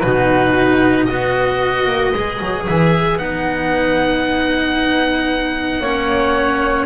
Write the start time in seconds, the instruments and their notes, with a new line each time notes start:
0.00 double bass B2, cello D#4, flute F#4, oboe B4
1.05 double bass B3, cello F#4, flute B4, oboe D#5
1.86 double bass A#3
2.13 double bass G#3, cello G#4
2.40 double bass F#3
2.66 double bass E3, oboe E5
3.17 double bass B3, cello D#4, oboe F#5
5.80 double bass A#3, cello C#4, flute C#5